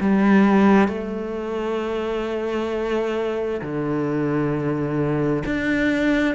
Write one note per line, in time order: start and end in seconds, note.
0.00 0.88 G3
0.88 3.60 A3
3.61 5.43 D3
5.45 6.35 D4